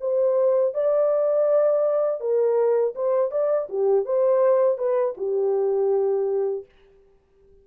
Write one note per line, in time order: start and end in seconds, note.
0.00 0.74 C5
0.74 2.20 D5
2.20 2.94 A#4
2.95 3.31 C5
3.31 3.68 D5
3.69 4.05 G4
4.05 4.78 C5
4.78 5.15 B4
5.17 6.65 G4